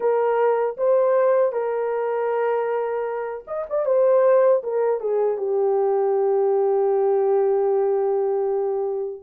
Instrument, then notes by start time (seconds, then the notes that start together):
horn
0.00 A#4
0.77 C5
1.52 A#4
3.47 D#5
3.69 D5
3.85 C5
4.63 A#4
5.00 G#4
5.37 G4